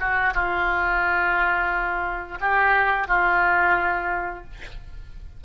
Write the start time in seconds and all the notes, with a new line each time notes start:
0.00 F#4
0.34 F4
2.41 G4
3.08 F4